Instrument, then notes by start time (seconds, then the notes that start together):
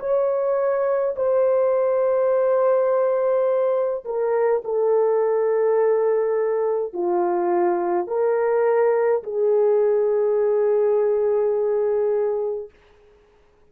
horn
0.00 C#5
1.16 C5
4.05 A#4
4.65 A4
6.93 F4
8.07 A#4
9.24 G#4